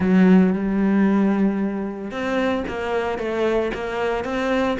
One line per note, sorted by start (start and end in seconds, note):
0.00 0.52 F#3
0.52 2.11 G3
2.11 2.64 C4
2.68 3.18 A#3
3.18 3.71 A3
3.73 4.24 A#3
4.24 4.77 C4